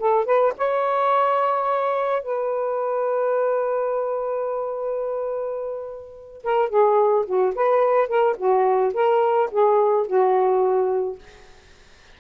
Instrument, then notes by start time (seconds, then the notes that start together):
saxophone
0.00 A4
0.25 B4
0.58 C#5
2.23 B4
6.44 A#4
6.69 G#4
7.26 F#4
7.55 B4
8.08 A#4
8.37 F#4
8.94 A#4
9.51 G#4
10.07 F#4